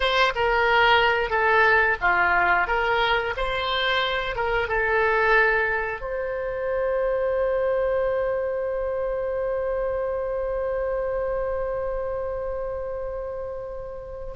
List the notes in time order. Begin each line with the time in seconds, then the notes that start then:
0.00 C5
0.35 A#4
1.30 A4
2.01 F4
2.67 A#4
3.36 C5
4.35 A#4
4.68 A4
6.00 C5